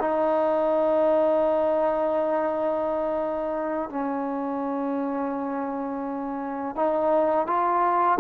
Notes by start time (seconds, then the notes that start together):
0.00 D#4
3.90 C#4
6.76 D#4
7.47 F4